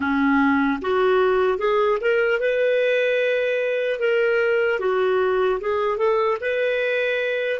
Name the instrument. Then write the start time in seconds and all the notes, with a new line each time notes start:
clarinet
0.00 C#4
0.81 F#4
1.58 G#4
2.00 A#4
2.40 B4
3.99 A#4
4.79 F#4
5.60 G#4
5.97 A4
6.40 B4